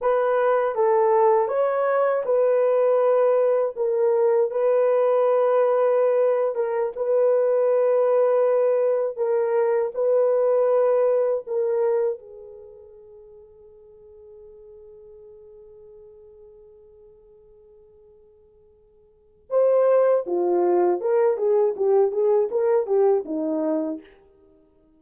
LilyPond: \new Staff \with { instrumentName = "horn" } { \time 4/4 \tempo 4 = 80 b'4 a'4 cis''4 b'4~ | b'4 ais'4 b'2~ | b'8. ais'8 b'2~ b'8.~ | b'16 ais'4 b'2 ais'8.~ |
ais'16 gis'2.~ gis'8.~ | gis'1~ | gis'2 c''4 f'4 | ais'8 gis'8 g'8 gis'8 ais'8 g'8 dis'4 | }